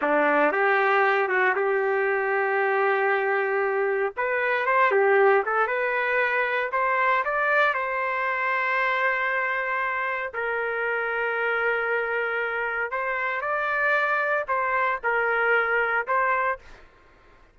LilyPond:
\new Staff \with { instrumentName = "trumpet" } { \time 4/4 \tempo 4 = 116 d'4 g'4. fis'8 g'4~ | g'1 | b'4 c''8 g'4 a'8 b'4~ | b'4 c''4 d''4 c''4~ |
c''1 | ais'1~ | ais'4 c''4 d''2 | c''4 ais'2 c''4 | }